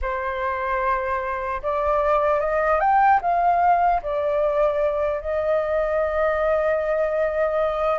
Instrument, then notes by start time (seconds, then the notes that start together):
flute
0.01 C5
1.62 D5
2.40 D#5
2.80 G5
3.21 F5
4.02 D5
5.20 D#5